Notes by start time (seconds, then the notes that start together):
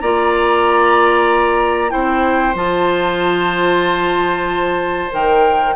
0.00 A#3 F4 D5 A#5
1.89 C4 E4 C5 G5
2.54 F3 F4 A5
5.11 D#3 A#4 G5